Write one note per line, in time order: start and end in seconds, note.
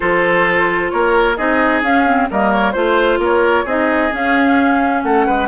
0.00 0.92 F3
0.00 1.35 F4
0.00 0.92 A4
0.00 0.90 C5
0.90 1.38 A#3
0.90 1.37 A#4
0.90 1.36 C#5
1.36 1.82 C4
1.36 1.83 D#4
1.36 2.28 G#4
1.36 1.82 D#5
1.82 2.28 C#4
1.82 2.06 C#4
1.82 2.29 F5
2.06 2.29 C4
2.30 2.75 G3
2.30 2.74 A#3
2.30 2.73 A#4
2.30 2.52 D#5
2.52 2.72 C#5
2.72 3.18 A3
2.72 3.66 F4
2.72 3.17 C5
2.72 3.19 C5
3.18 3.64 A#3
3.18 3.64 A#4
3.18 3.68 C#5
3.64 4.10 C4
3.64 4.11 D#4
3.64 5.02 G#4
3.64 4.14 D#5
4.11 5.48 C#4
4.11 5.04 C#4
4.11 5.02 F5
5.02 5.27 A3
5.02 5.26 A4
5.02 5.48 F#5
5.26 5.48 G#3
5.26 5.48 B4